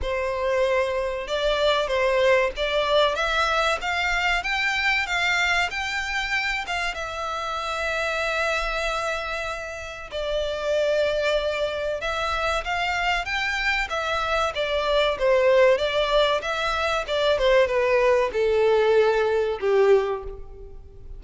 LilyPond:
\new Staff \with { instrumentName = "violin" } { \time 4/4 \tempo 4 = 95 c''2 d''4 c''4 | d''4 e''4 f''4 g''4 | f''4 g''4. f''8 e''4~ | e''1 |
d''2. e''4 | f''4 g''4 e''4 d''4 | c''4 d''4 e''4 d''8 c''8 | b'4 a'2 g'4 | }